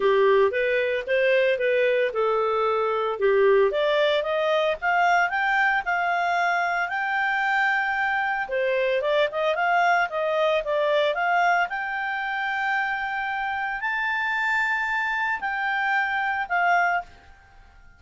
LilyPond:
\new Staff \with { instrumentName = "clarinet" } { \time 4/4 \tempo 4 = 113 g'4 b'4 c''4 b'4 | a'2 g'4 d''4 | dis''4 f''4 g''4 f''4~ | f''4 g''2. |
c''4 d''8 dis''8 f''4 dis''4 | d''4 f''4 g''2~ | g''2 a''2~ | a''4 g''2 f''4 | }